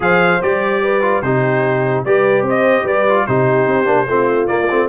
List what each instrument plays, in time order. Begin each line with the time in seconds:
0.00 tuba F3, trombone G#4, horn C5, trumpet F5
0.41 tuba G3, trombone G4, trumpet D5
0.83 horn B4
1.01 trombone F4
1.22 tuba C3, trombone D#4, horn G4, trumpet C5
2.04 tuba G3, trombone G4, horn B4, trumpet D5
2.41 tuba C4, horn C5
2.49 trumpet D#5
2.83 tuba G3, horn B4, trumpet D5
3.08 trombone F4
3.26 tuba C3, trombone D#4, horn G4, trumpet C5
3.66 tuba C4
3.85 tuba A#3, trombone D4
4.07 tuba A3, trombone C4, horn F4
4.47 trombone A#3, tuba A#3, trumpet D5
4.70 tuba A3, trombone C4